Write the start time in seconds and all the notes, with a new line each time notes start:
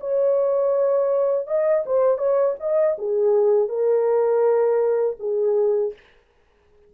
0.00 C#5
1.47 D#5
1.86 C5
2.18 C#5
2.60 D#5
2.98 G#4
3.68 A#4
5.19 G#4